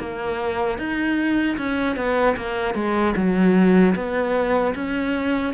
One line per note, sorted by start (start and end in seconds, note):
0.00 0.78 A#3
0.78 1.57 D#4
1.58 1.96 C#4
1.96 2.36 B3
2.37 2.75 A#3
2.75 3.14 G#3
3.16 3.95 F#3
3.95 4.74 B3
4.75 5.54 C#4